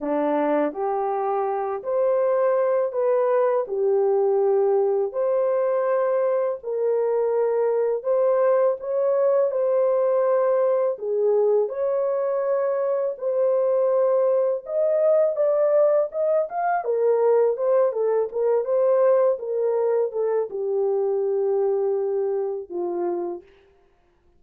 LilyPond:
\new Staff \with { instrumentName = "horn" } { \time 4/4 \tempo 4 = 82 d'4 g'4. c''4. | b'4 g'2 c''4~ | c''4 ais'2 c''4 | cis''4 c''2 gis'4 |
cis''2 c''2 | dis''4 d''4 dis''8 f''8 ais'4 | c''8 a'8 ais'8 c''4 ais'4 a'8 | g'2. f'4 | }